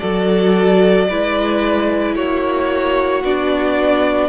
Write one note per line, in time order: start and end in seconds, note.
0.00 1.11 F#3
0.00 1.07 F#4
0.00 1.08 A4
0.00 2.14 D5
1.09 2.17 G#3
1.09 3.25 E4
1.09 2.16 B4
2.16 3.23 A#3
2.16 4.29 F#4
2.16 3.23 C#5
3.23 4.29 B3
3.23 4.29 D4
3.23 4.29 D5